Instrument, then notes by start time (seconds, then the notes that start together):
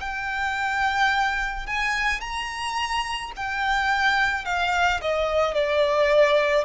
violin
0.00 G5
1.67 G#5
2.21 A#5
3.36 G5
4.45 F5
5.02 D#5
5.54 D5